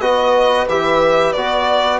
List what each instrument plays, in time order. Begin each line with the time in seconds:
0.00 bassoon B3, trombone F#4, horn B4, violin D#5
0.68 bassoon E3, trombone G4, violin E5
1.33 bassoon B3, trombone F#4, violin D5